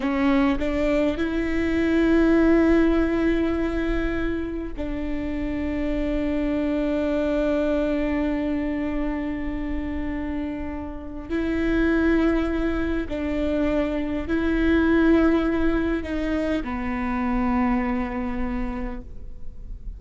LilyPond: \new Staff \with { instrumentName = "viola" } { \time 4/4 \tempo 4 = 101 cis'4 d'4 e'2~ | e'1 | d'1~ | d'1~ |
d'2. e'4~ | e'2 d'2 | e'2. dis'4 | b1 | }